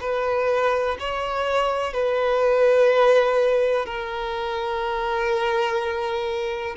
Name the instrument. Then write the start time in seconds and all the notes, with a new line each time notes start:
violin
0.00 B4
0.99 C#5
1.93 B4
3.85 A#4